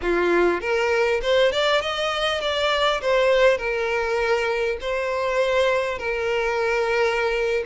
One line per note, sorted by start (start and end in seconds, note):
0.02 0.60 F4
0.60 1.20 A#4
1.22 1.52 C5
1.52 1.81 D5
1.81 2.41 D#5
2.41 3.01 D5
3.01 3.57 C5
3.57 4.77 A#4
4.80 5.98 C5
5.98 7.63 A#4